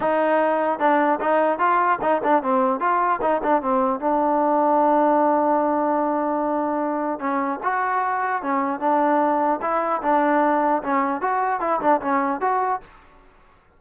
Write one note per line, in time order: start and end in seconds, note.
0.00 0.79 D#4
0.79 1.19 D4
1.20 1.58 D#4
1.58 1.98 F4
2.01 2.21 D#4
2.23 2.43 D4
2.43 2.79 C4
2.79 3.19 F4
3.21 3.41 D#4
3.43 3.61 D4
3.61 3.99 C4
3.99 7.19 D4
7.19 7.59 C#4
7.63 8.42 F#4
8.42 8.80 C#4
8.80 9.60 D4
9.61 10.01 E4
10.02 10.82 D4
10.82 11.21 C#4
11.21 11.60 F#4
11.60 11.80 E4
11.81 12.01 D4
12.01 12.40 C#4
12.40 12.80 F#4